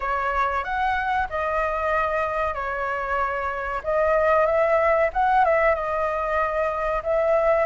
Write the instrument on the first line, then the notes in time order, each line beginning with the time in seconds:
flute
0.00 C#5
0.64 F#5
1.29 D#5
2.54 C#5
3.83 D#5
4.46 E5
5.13 F#5
5.44 E5
5.74 D#5
7.03 E5